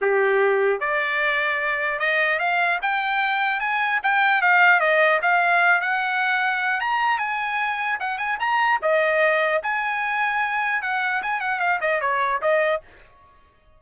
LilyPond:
\new Staff \with { instrumentName = "trumpet" } { \time 4/4 \tempo 4 = 150 g'2 d''2~ | d''4 dis''4 f''4 g''4~ | g''4 gis''4 g''4 f''4 | dis''4 f''4. fis''4.~ |
fis''4 ais''4 gis''2 | fis''8 gis''8 ais''4 dis''2 | gis''2. fis''4 | gis''8 fis''8 f''8 dis''8 cis''4 dis''4 | }